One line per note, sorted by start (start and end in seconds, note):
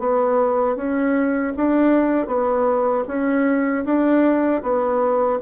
0.00 0.77 B3
0.77 1.53 C#4
1.57 2.27 D4
2.27 3.04 B3
3.08 3.85 C#4
3.85 4.62 D4
4.63 5.40 B3